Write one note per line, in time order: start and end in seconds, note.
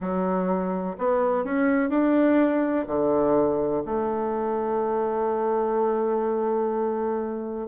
0.00 0.96 F#3
0.98 1.44 B3
1.44 1.89 C#4
1.89 2.85 D4
2.87 3.83 D3
3.85 7.67 A3